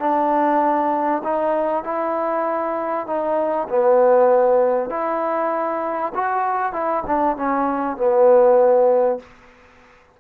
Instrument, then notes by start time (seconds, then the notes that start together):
trombone
0.00 D4
1.24 D#4
1.84 E4
3.07 D#4
3.69 B3
4.90 E4
6.14 F#4
6.73 E4
7.07 D4
7.37 C#4
7.97 B3